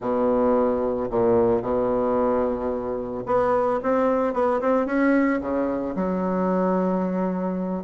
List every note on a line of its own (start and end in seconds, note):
0.00 1.08 B2
1.10 1.62 A#2
1.62 3.24 B2
3.26 3.80 B3
3.83 4.33 C4
4.33 4.60 B3
4.60 4.86 C4
4.86 5.40 C#4
5.40 5.94 C#3
5.95 7.83 F#3